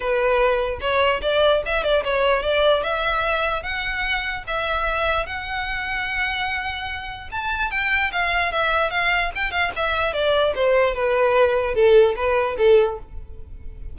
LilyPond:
\new Staff \with { instrumentName = "violin" } { \time 4/4 \tempo 4 = 148 b'2 cis''4 d''4 | e''8 d''8 cis''4 d''4 e''4~ | e''4 fis''2 e''4~ | e''4 fis''2.~ |
fis''2 a''4 g''4 | f''4 e''4 f''4 g''8 f''8 | e''4 d''4 c''4 b'4~ | b'4 a'4 b'4 a'4 | }